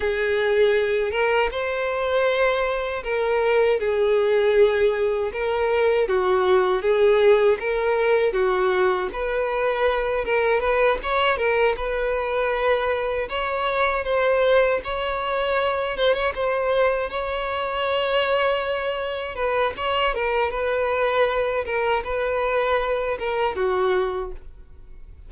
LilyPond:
\new Staff \with { instrumentName = "violin" } { \time 4/4 \tempo 4 = 79 gis'4. ais'8 c''2 | ais'4 gis'2 ais'4 | fis'4 gis'4 ais'4 fis'4 | b'4. ais'8 b'8 cis''8 ais'8 b'8~ |
b'4. cis''4 c''4 cis''8~ | cis''4 c''16 cis''16 c''4 cis''4.~ | cis''4. b'8 cis''8 ais'8 b'4~ | b'8 ais'8 b'4. ais'8 fis'4 | }